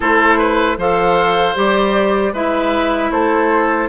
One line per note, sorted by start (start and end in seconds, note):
0.00 0.77 A3
0.00 0.76 E4
0.00 0.38 A4
0.00 0.79 C5
0.38 0.77 B4
0.77 1.55 F3
0.77 1.55 A4
0.77 2.33 C5
0.77 1.56 F5
1.55 2.32 G3
1.55 2.33 G4
1.55 2.34 D5
2.32 3.10 G#3
2.32 3.89 E4
2.32 3.11 B4
2.32 3.11 E5
3.11 3.89 A3
3.11 3.89 A4
3.11 3.89 C5